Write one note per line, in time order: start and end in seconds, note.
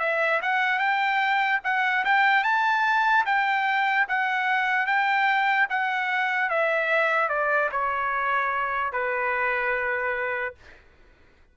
0.00 0.41 E5
0.42 0.79 F#5
0.79 1.60 G5
1.64 2.05 F#5
2.05 2.44 G5
2.44 3.25 A5
3.26 4.07 G5
4.09 4.86 F#5
4.86 5.68 G5
5.70 6.50 F#5
6.50 7.29 E5
7.29 7.70 D5
7.72 8.93 C#5
8.93 10.55 B4